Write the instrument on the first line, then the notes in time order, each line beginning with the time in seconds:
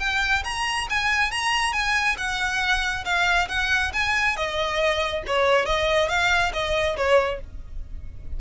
violin
0.00 G5
0.44 A#5
0.90 G#5
1.31 A#5
1.73 G#5
2.18 F#5
3.05 F5
3.49 F#5
3.93 G#5
4.37 D#5
5.27 C#5
5.66 D#5
6.09 F5
6.53 D#5
6.97 C#5